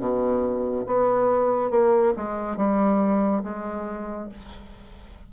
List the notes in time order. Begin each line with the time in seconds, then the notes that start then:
0.00 B2
0.87 B3
1.71 A#3
2.17 G#3
2.58 G3
3.44 G#3